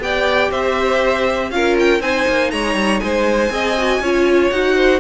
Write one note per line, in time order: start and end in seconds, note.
0.00 0.50 B3
0.00 1.51 G4
0.00 0.51 D5
0.00 0.51 G5
0.51 1.51 C4
0.51 1.51 C5
0.51 1.51 E5
1.51 2.00 C#4
1.51 2.01 F4
1.51 2.01 A#4
1.51 1.76 F5
1.79 2.01 G5
2.00 2.25 C4
2.00 3.49 D#4
2.00 2.51 C5
2.00 2.50 G#5
2.28 2.53 A#3
2.50 2.74 G#3
2.50 3.02 C#5
2.50 3.00 A#5
2.74 2.99 G3
3.00 3.50 G#3
3.00 3.53 C5
3.00 4.50 G#5
3.49 4.00 C4
3.49 3.74 G#4
3.49 4.01 D#5
3.77 4.03 F#4
4.00 4.50 C#4
4.00 4.51 F4
4.00 4.76 C#5
4.50 5.00 D#4
4.50 5.00 F#4
4.50 5.00 F#5
4.76 5.00 C5